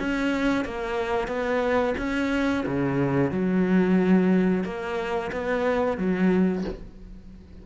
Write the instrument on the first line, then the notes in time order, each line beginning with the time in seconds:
cello
0.00 C#4
0.65 A#3
1.28 B3
1.98 C#4
2.66 C#3
3.32 F#3
4.65 A#3
5.33 B3
5.98 F#3